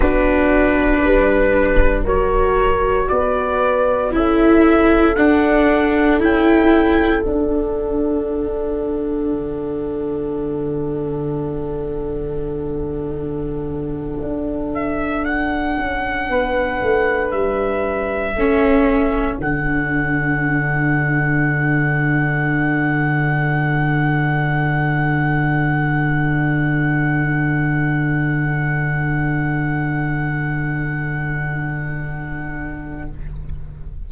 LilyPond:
<<
  \new Staff \with { instrumentName = "trumpet" } { \time 4/4 \tempo 4 = 58 b'2 cis''4 d''4 | e''4 fis''4 g''4 fis''4~ | fis''1~ | fis''2~ fis''16 e''8 fis''4~ fis''16~ |
fis''8. e''2 fis''4~ fis''16~ | fis''1~ | fis''1~ | fis''1 | }
  \new Staff \with { instrumentName = "horn" } { \time 4/4 fis'4 b'4 ais'4 b'4 | a'1~ | a'1~ | a'2.~ a'8. b'16~ |
b'4.~ b'16 a'2~ a'16~ | a'1~ | a'1~ | a'1 | }
  \new Staff \with { instrumentName = "viola" } { \time 4/4 d'2 fis'2 | e'4 d'4 e'4 d'4~ | d'1~ | d'1~ |
d'4.~ d'16 cis'4 d'4~ d'16~ | d'1~ | d'1~ | d'1 | }
  \new Staff \with { instrumentName = "tuba" } { \time 4/4 b4 g4 fis4 b4 | cis'4 d'4 cis'4 d'4~ | d'4 d2.~ | d4.~ d16 d'4. cis'8 b16~ |
b16 a8 g4 a4 d4~ d16~ | d1~ | d1~ | d1 | }
>>